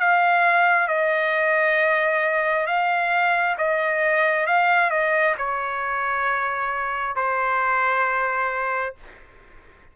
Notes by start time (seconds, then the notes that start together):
0.00 F5
0.88 D#5
2.67 F5
3.58 D#5
4.47 F5
4.90 D#5
5.38 C#5
7.16 C5